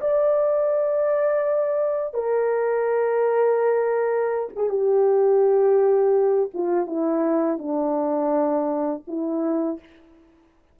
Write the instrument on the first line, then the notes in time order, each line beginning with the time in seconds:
horn
0.00 D5
2.13 A#4
4.55 G#4
4.69 G4
6.53 F4
6.86 E4
7.58 D4
9.07 E4